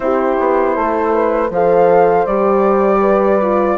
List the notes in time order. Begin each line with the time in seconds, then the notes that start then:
0.00 C4 E4 G4 C5
0.39 B3
0.76 A3 A4
1.13 B4
1.50 F3 A4 C5 F5
2.26 G3 G4 D5
3.00 B4
3.41 F4